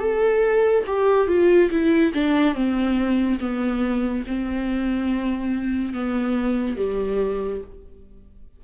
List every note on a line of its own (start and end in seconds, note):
0.00 0.85 A4
0.87 1.28 G4
1.28 1.70 F4
1.71 2.13 E4
2.14 2.55 D4
2.55 3.40 C4
3.40 4.24 B3
4.28 5.94 C4
5.94 6.77 B3
6.77 7.62 G3